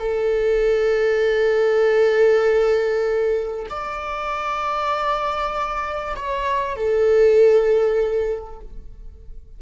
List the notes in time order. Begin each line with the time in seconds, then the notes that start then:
0.00 A4
3.70 D5
6.16 C#5
6.77 A4